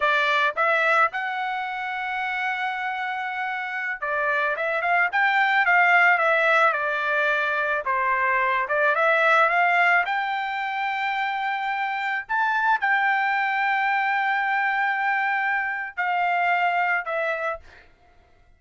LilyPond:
\new Staff \with { instrumentName = "trumpet" } { \time 4/4 \tempo 4 = 109 d''4 e''4 fis''2~ | fis''2.~ fis''16 d''8.~ | d''16 e''8 f''8 g''4 f''4 e''8.~ | e''16 d''2 c''4. d''16~ |
d''16 e''4 f''4 g''4.~ g''16~ | g''2~ g''16 a''4 g''8.~ | g''1~ | g''4 f''2 e''4 | }